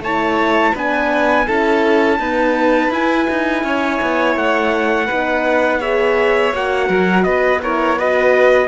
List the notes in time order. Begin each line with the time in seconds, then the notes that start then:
0.00 A3 E4 C#5 A5
0.73 B3 D4 B4 G#5
1.46 C#4 E4 A4 A5
2.19 B3 D#4 B4
2.91 E4 G#5
3.30 D#4
3.64 C#4 C#5
4.02 B3
4.36 A3 F#5
5.06 B3 D#4 B4
5.80 G#4 C#5 E5
6.53 A#3 F#4 F#5
6.88 F#3 A#4
7.24 B3 B4 D#5
7.62 E4 A#4 C#5
7.98 F#4 B4 D#5